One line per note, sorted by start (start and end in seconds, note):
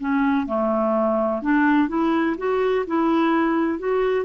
0.00 0.47 C#4
0.47 1.42 A3
1.42 1.89 D4
1.89 2.37 E4
2.38 2.86 F#4
2.87 3.79 E4
3.79 4.25 F#4